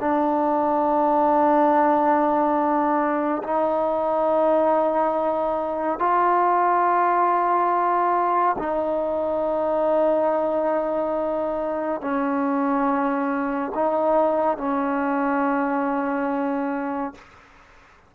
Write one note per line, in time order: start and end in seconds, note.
0.00 3.43 D4
3.44 5.99 D#4
5.99 8.56 F4
8.58 12.01 D#4
12.01 13.72 C#4
13.75 14.58 D#4
14.58 17.15 C#4